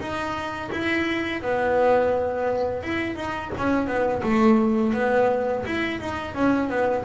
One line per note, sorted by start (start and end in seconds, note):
0.00 0.71 D#4
0.72 1.42 E4
1.42 2.83 B3
2.83 3.16 E4
3.16 3.51 D#4
3.58 3.87 C#4
3.87 4.22 B3
4.23 4.94 A3
4.94 5.64 B3
5.66 6.00 E4
6.00 6.35 D#4
6.35 6.70 C#4
6.70 7.05 B3